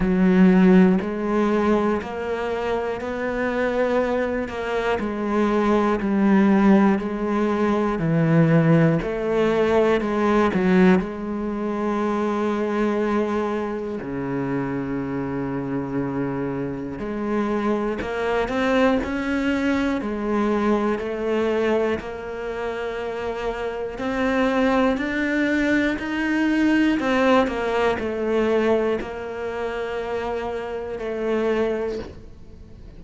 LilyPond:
\new Staff \with { instrumentName = "cello" } { \time 4/4 \tempo 4 = 60 fis4 gis4 ais4 b4~ | b8 ais8 gis4 g4 gis4 | e4 a4 gis8 fis8 gis4~ | gis2 cis2~ |
cis4 gis4 ais8 c'8 cis'4 | gis4 a4 ais2 | c'4 d'4 dis'4 c'8 ais8 | a4 ais2 a4 | }